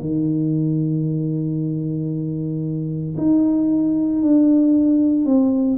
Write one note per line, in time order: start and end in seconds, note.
0.00 3.16 D#3
3.17 4.22 D#4
4.22 5.25 D4
5.25 5.78 C4